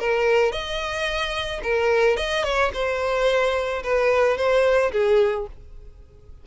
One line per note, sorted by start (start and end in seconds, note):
0.00 0.52 A#4
0.52 1.61 D#5
1.63 2.17 A#4
2.17 2.44 D#5
2.44 2.71 C#5
2.74 3.83 C5
3.83 4.38 B4
4.38 4.92 C5
4.92 5.47 G#4